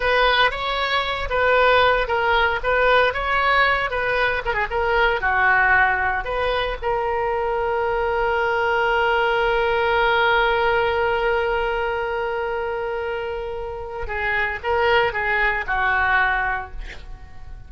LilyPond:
\new Staff \with { instrumentName = "oboe" } { \time 4/4 \tempo 4 = 115 b'4 cis''4. b'4. | ais'4 b'4 cis''4. b'8~ | b'8 ais'16 gis'16 ais'4 fis'2 | b'4 ais'2.~ |
ais'1~ | ais'1~ | ais'2. gis'4 | ais'4 gis'4 fis'2 | }